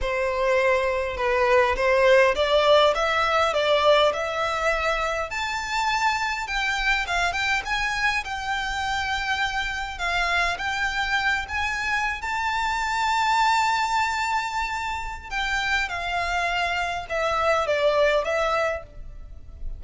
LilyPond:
\new Staff \with { instrumentName = "violin" } { \time 4/4 \tempo 4 = 102 c''2 b'4 c''4 | d''4 e''4 d''4 e''4~ | e''4 a''2 g''4 | f''8 g''8 gis''4 g''2~ |
g''4 f''4 g''4. gis''8~ | gis''8. a''2.~ a''16~ | a''2 g''4 f''4~ | f''4 e''4 d''4 e''4 | }